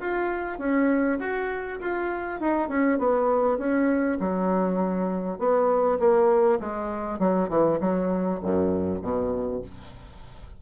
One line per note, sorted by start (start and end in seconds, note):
0.00 0.59 F4
0.59 1.19 C#4
1.19 1.79 F#4
1.81 2.40 F4
2.40 2.69 D#4
2.69 2.99 C#4
2.99 3.58 B3
3.58 4.18 C#4
4.20 5.39 F#3
5.39 5.99 B3
5.99 6.59 A#3
6.60 7.19 G#3
7.19 7.49 F#3
7.49 7.79 E3
7.81 8.41 F#3
8.43 9.02 F#2
9.02 9.62 B2